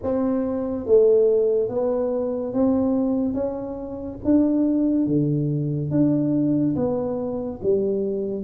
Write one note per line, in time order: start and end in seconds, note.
0.02 0.86 C4
0.86 1.68 A3
1.68 2.53 B3
2.53 3.34 C4
3.34 4.18 C#4
4.24 5.06 D4
5.06 5.90 D3
5.90 6.75 D4
6.75 7.60 B3
7.62 8.44 G3